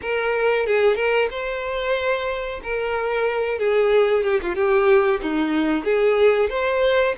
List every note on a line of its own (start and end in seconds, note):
0.01 0.66 A#4
0.66 0.95 G#4
0.95 1.28 A#4
1.30 2.61 C5
2.63 3.58 A#4
3.58 4.23 G#4
4.23 4.40 G4
4.41 4.55 F4
4.55 5.20 G4
5.21 5.84 D#4
5.84 6.49 G#4
6.49 7.14 C5